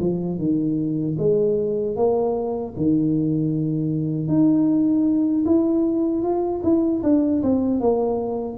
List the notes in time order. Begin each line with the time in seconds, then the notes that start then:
0.00 F3
0.39 D#3
1.19 G#3
1.97 A#3
2.77 D#3
4.28 D#4
5.46 E4
6.23 F4
6.64 E4
7.03 D4
7.43 C4
7.81 A#3